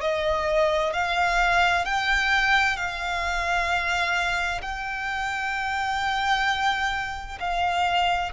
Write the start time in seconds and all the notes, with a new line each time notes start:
0.00 D#5
0.93 F5
1.85 G5
2.76 F5
4.62 G5
7.39 F5